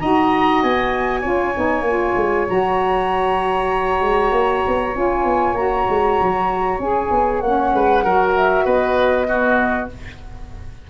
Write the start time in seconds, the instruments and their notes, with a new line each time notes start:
0.00 tuba D#4, saxophone F#4, oboe D#5, flute A#5
0.63 tuba B3, flute G#5
1.21 tuba C#4, saxophone F4, oboe C#5
1.55 tuba B3, saxophone D#4
1.82 tuba A#3, saxophone F4
2.16 tuba G#3
2.48 tuba F#3, saxophone F#4, flute A#5
4.01 tuba G#3
4.32 tuba A#3
4.68 tuba B3
4.94 tuba C#4, saxophone F4, flute G#5
5.25 tuba B3
5.54 tuba A#3, saxophone F#4, flute A#5
5.89 tuba G#3
6.22 tuba F#3
6.80 tuba C#4, saxophone G#4, flute G#5
7.11 tuba B3
7.40 tuba A#3, saxophone C#4, flute F#5
7.73 tuba G#3, oboe B4
8.04 tuba F#3, saxophone F#4, oboe A#4
8.36 flute E5
8.65 tuba B3, oboe B4, flute D#5
9.26 saxophone B3, oboe F#4